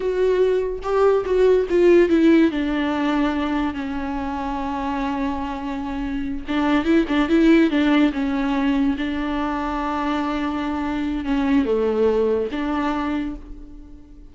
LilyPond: \new Staff \with { instrumentName = "viola" } { \time 4/4 \tempo 4 = 144 fis'2 g'4 fis'4 | f'4 e'4 d'2~ | d'4 cis'2.~ | cis'2.~ cis'8 d'8~ |
d'8 e'8 d'8 e'4 d'4 cis'8~ | cis'4. d'2~ d'8~ | d'2. cis'4 | a2 d'2 | }